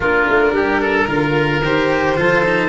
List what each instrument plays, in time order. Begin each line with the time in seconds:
0.00 tuba A#3, cello D4, oboe F4, violin A#4
0.28 tuba A3
0.52 tuba G3, oboe G4
0.81 oboe A4
1.07 tuba D3, cello F4, oboe A#4
1.62 tuba D#3, cello G4, violin C5
2.16 tuba F3, cello F4, oboe A4
2.44 cello D#4